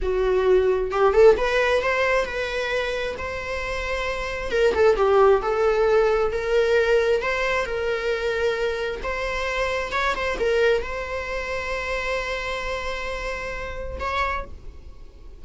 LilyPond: \new Staff \with { instrumentName = "viola" } { \time 4/4 \tempo 4 = 133 fis'2 g'8 a'8 b'4 | c''4 b'2 c''4~ | c''2 ais'8 a'8 g'4 | a'2 ais'2 |
c''4 ais'2. | c''2 cis''8 c''8 ais'4 | c''1~ | c''2. cis''4 | }